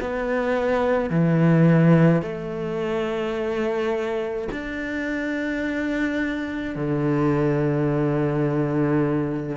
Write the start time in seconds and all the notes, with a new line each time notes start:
0.00 B3
1.10 E3
2.22 A3
4.52 D4
6.76 D3